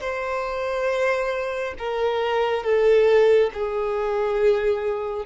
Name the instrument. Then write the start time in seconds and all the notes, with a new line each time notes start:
violin
0.00 C5
1.78 A#4
2.63 A4
3.54 G#4